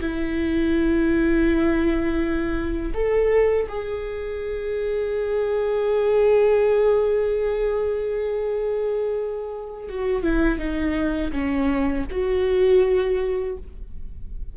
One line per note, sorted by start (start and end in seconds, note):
0.00 2.93 E4
2.94 3.67 A4
3.68 9.88 G#4
9.88 10.23 F#4
10.23 10.58 E4
10.58 11.31 D#4
11.32 12.05 C#4
12.11 13.57 F#4